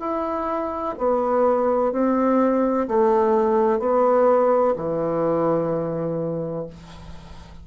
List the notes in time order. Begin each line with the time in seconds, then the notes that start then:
0.00 E4
0.98 B3
1.92 C4
2.88 A3
3.79 B3
4.76 E3